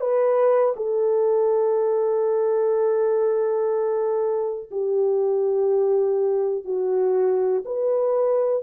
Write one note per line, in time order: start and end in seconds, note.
0.00 0.74 B4
0.76 4.69 A4
4.71 6.64 G4
6.64 7.63 F#4
7.65 8.63 B4